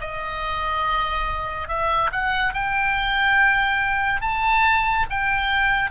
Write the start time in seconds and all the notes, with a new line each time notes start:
0.00 D#5
1.68 E5
2.11 F#5
2.53 G5
4.21 A5
5.09 G5